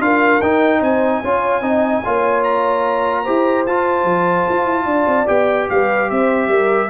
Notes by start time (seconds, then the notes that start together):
0.00 D4 F4 A#4 F5
0.42 D#4 G5
0.80 C4 C5 G#5
1.23 C#4 F4 C#5
1.61 C4 D#4 D#5
2.04 A#3 F4 C#5
2.44 A#5
3.23 E4 G4 C5
3.66 F4 A5
4.04 F3
4.50 F4
4.66 E4
4.86 D4 D5
5.07 C4
5.27 B3 G4 G5
5.70 G3 B4 F5
6.10 C4 C5 E5
6.49 G3 A#4